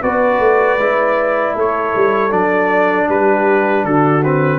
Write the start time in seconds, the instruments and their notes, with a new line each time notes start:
0.00 tuba B3, trombone F#4, horn B4, trumpet D5
0.39 tuba A3
0.77 tuba G#3, trombone E4
1.53 tuba A3, horn A4, trumpet C#5
1.95 tuba G3
2.30 tuba F#3, trombone D4, trumpet D5
3.08 tuba G3, horn G4, trumpet B4
3.84 tuba D3, horn F#4, trumpet A4
4.24 trombone C4, trumpet B4